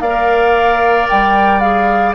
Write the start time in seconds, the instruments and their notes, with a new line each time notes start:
0.00 bassoon A#3, clarinet A#4, oboe D5, flute F5
1.08 bassoon G3, flute G5
1.60 clarinet G#4, flute F5